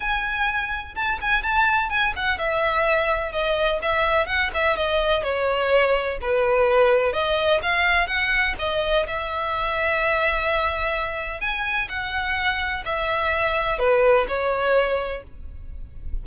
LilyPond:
\new Staff \with { instrumentName = "violin" } { \time 4/4 \tempo 4 = 126 gis''2 a''8 gis''8 a''4 | gis''8 fis''8 e''2 dis''4 | e''4 fis''8 e''8 dis''4 cis''4~ | cis''4 b'2 dis''4 |
f''4 fis''4 dis''4 e''4~ | e''1 | gis''4 fis''2 e''4~ | e''4 b'4 cis''2 | }